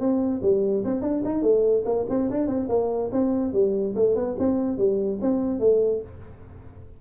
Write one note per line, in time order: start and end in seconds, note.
0.00 0.41 C4
0.42 0.84 G3
0.85 1.02 C4
1.02 1.23 D4
1.25 1.43 D#4
1.43 1.84 A3
1.85 2.06 A#3
2.10 2.30 C4
2.30 2.47 D4
2.47 2.68 C4
2.69 3.11 A#3
3.12 3.53 C4
3.53 3.95 G3
3.95 4.15 A3
4.15 4.36 B3
4.39 4.78 C4
4.78 5.19 G3
5.22 5.60 C4
5.60 6.01 A3